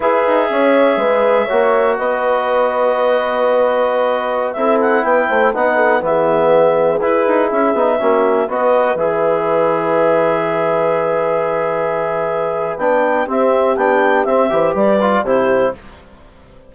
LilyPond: <<
  \new Staff \with { instrumentName = "clarinet" } { \time 4/4 \tempo 4 = 122 e''1 | dis''1~ | dis''4~ dis''16 e''8 fis''8 g''4 fis''8.~ | fis''16 e''2 b'4 e''8.~ |
e''4~ e''16 dis''4 e''4.~ e''16~ | e''1~ | e''2 g''4 e''4 | g''4 e''4 d''4 c''4 | }
  \new Staff \with { instrumentName = "horn" } { \time 4/4 b'4 cis''4 b'4 cis''4 | b'1~ | b'4~ b'16 a'4 b'8 c''8 b'8 a'16~ | a'16 gis'2.~ gis'8.~ |
gis'16 fis'4 b'2~ b'8.~ | b'1~ | b'2. g'4~ | g'4. c''8 b'4 g'4 | }
  \new Staff \with { instrumentName = "trombone" } { \time 4/4 gis'2. fis'4~ | fis'1~ | fis'4~ fis'16 e'2 dis'8.~ | dis'16 b2 e'4. dis'16~ |
dis'16 cis'4 fis'4 gis'4.~ gis'16~ | gis'1~ | gis'2 d'4 c'4 | d'4 c'8 g'4 f'8 e'4 | }
  \new Staff \with { instrumentName = "bassoon" } { \time 4/4 e'8 dis'8 cis'4 gis4 ais4 | b1~ | b4~ b16 c'4 b8 a8 b8.~ | b16 e2 e'8 dis'8 cis'8 b16~ |
b16 ais4 b4 e4.~ e16~ | e1~ | e2 b4 c'4 | b4 c'8 e8 g4 c4 | }
>>